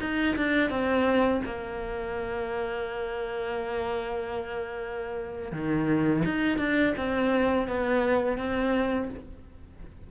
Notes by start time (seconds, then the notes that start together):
0.00 D#4
0.36 D4
0.69 C4
1.45 A#3
5.52 D#3
6.25 D#4
6.58 D4
6.97 C4
7.67 B3
8.37 C4